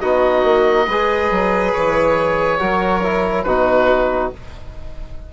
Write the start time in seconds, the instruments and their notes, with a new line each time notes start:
0.00 bassoon B3, trombone D#4, violin F#4, oboe D#5
0.43 bassoon A#3
0.86 bassoon G#3, trombone G#4, violin B4
1.31 bassoon F#3
1.72 bassoon E3, oboe C#5
2.58 bassoon F#3, trombone F#4, violin A#4
3.03 trombone E4
3.43 bassoon B2, trombone D#4, violin F#4, oboe B4